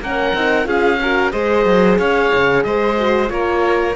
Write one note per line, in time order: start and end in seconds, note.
0.00 0.33 A#3
0.00 0.35 C#4
0.00 0.67 A#4
0.00 0.68 F#5
0.33 0.66 C4
0.33 0.64 D#4
0.64 1.32 C#4
0.64 0.97 F4
0.64 1.00 G#4
0.64 1.31 F5
1.02 1.31 F#4
1.02 1.32 A#4
1.31 1.65 G#3
1.31 2.96 G#4
1.31 1.98 C5
1.31 1.97 D#5
1.65 1.98 F#3
1.98 2.32 C#4
1.98 2.64 C#5
1.98 2.63 F5
2.34 2.64 C#3
2.63 3.30 G#3
2.63 3.32 C5
2.63 3.29 D#5
2.98 3.27 F#4
3.27 3.95 A#3
3.27 3.93 F4
3.27 3.95 A#4
3.27 3.95 C#5